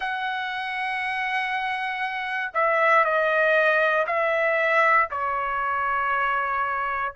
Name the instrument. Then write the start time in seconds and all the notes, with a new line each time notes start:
trumpet
0.00 F#5
2.54 E5
3.04 D#5
4.06 E5
5.10 C#5